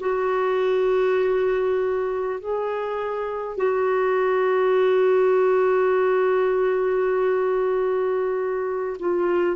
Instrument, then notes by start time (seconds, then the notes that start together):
clarinet
0.00 F#4
2.40 G#4
3.57 F#4
8.99 F4